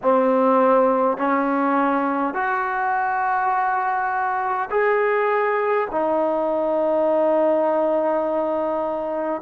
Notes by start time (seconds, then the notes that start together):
0.02 C4
1.17 C#4
2.34 F#4
4.70 G#4
5.91 D#4